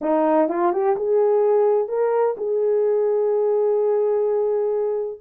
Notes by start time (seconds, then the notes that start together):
0.01 D#4
0.49 F4
0.72 G4
0.96 G#4
1.88 A#4
2.37 G#4